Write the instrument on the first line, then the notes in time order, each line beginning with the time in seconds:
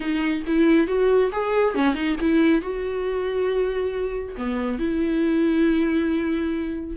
viola
0.00 D#4
0.47 E4
0.87 F#4
1.32 G#4
1.74 C#4
1.94 D#4
2.20 E4
2.61 F#4
4.36 B3
4.78 E4